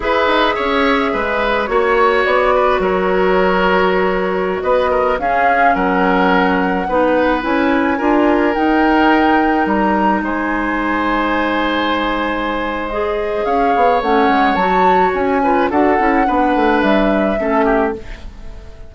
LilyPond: <<
  \new Staff \with { instrumentName = "flute" } { \time 4/4 \tempo 4 = 107 e''2. cis''4 | d''4 cis''2.~ | cis''16 dis''4 f''4 fis''4.~ fis''16~ | fis''4~ fis''16 gis''2 g''8.~ |
g''4~ g''16 ais''4 gis''4.~ gis''16~ | gis''2. dis''4 | f''4 fis''4 a''4 gis''4 | fis''2 e''2 | }
  \new Staff \with { instrumentName = "oboe" } { \time 4/4 b'4 cis''4 b'4 cis''4~ | cis''8 b'8 ais'2.~ | ais'16 b'8 ais'8 gis'4 ais'4.~ ais'16~ | ais'16 b'2 ais'4.~ ais'16~ |
ais'2~ ais'16 c''4.~ c''16~ | c''1 | cis''2.~ cis''8 b'8 | a'4 b'2 a'8 g'8 | }
  \new Staff \with { instrumentName = "clarinet" } { \time 4/4 gis'2. fis'4~ | fis'1~ | fis'4~ fis'16 cis'2~ cis'8.~ | cis'16 dis'4 e'4 f'4 dis'8.~ |
dis'1~ | dis'2. gis'4~ | gis'4 cis'4 fis'4. f'8 | fis'8 e'8 d'2 cis'4 | }
  \new Staff \with { instrumentName = "bassoon" } { \time 4/4 e'8 dis'8 cis'4 gis4 ais4 | b4 fis2.~ | fis16 b4 cis'4 fis4.~ fis16~ | fis16 b4 cis'4 d'4 dis'8.~ |
dis'4~ dis'16 g4 gis4.~ gis16~ | gis1 | cis'8 b8 a8 gis8 fis4 cis'4 | d'8 cis'8 b8 a8 g4 a4 | }
>>